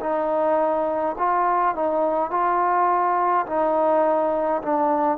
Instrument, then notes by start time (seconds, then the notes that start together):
trombone
0.00 D#4
1.18 F4
1.75 D#4
2.30 F4
3.46 D#4
4.62 D4